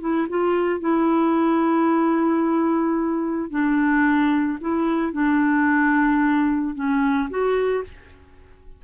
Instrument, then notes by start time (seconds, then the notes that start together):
clarinet
0.00 E4
0.29 F4
0.80 E4
3.50 D4
4.60 E4
5.13 D4
6.75 C#4
7.29 F#4